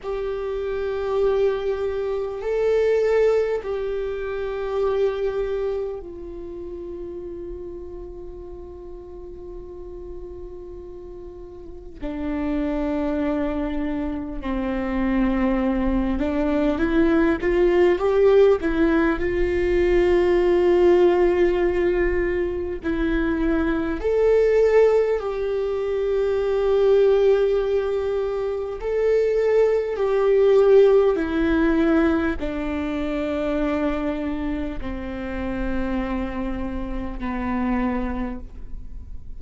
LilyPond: \new Staff \with { instrumentName = "viola" } { \time 4/4 \tempo 4 = 50 g'2 a'4 g'4~ | g'4 f'2.~ | f'2 d'2 | c'4. d'8 e'8 f'8 g'8 e'8 |
f'2. e'4 | a'4 g'2. | a'4 g'4 e'4 d'4~ | d'4 c'2 b4 | }